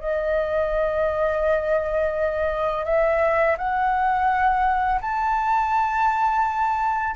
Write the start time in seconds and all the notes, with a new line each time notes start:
0.00 D#5
2.85 E5
3.58 F#5
5.01 A5